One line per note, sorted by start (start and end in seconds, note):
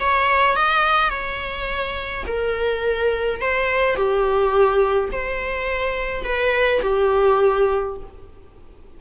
0.00 0.56 C#5
0.56 1.10 D#5
1.10 2.24 C#5
2.27 3.41 A#4
3.41 3.95 C5
3.95 5.10 G4
5.12 6.24 C5
6.24 6.81 B4
6.83 7.97 G4